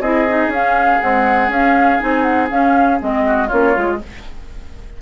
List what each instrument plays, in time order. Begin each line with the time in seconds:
0.00 bassoon C4, clarinet E4, oboe G#4, flute D#5
0.28 clarinet D#4
0.48 bassoon C#4, clarinet C#4, flute F5
1.00 clarinet G#3, bassoon C4, flute F#5
1.49 bassoon C#4, clarinet C#4, flute F5
1.99 bassoon C4, clarinet D#4, flute G#5
2.22 flute F#5
2.50 bassoon C#4, clarinet C#4, flute F5
2.99 bassoon G#3, clarinet C4, flute D#5
3.26 oboe F#4
3.47 bassoon A#3, clarinet C#4, oboe F4, flute C#5
3.73 bassoon G#3, clarinet F4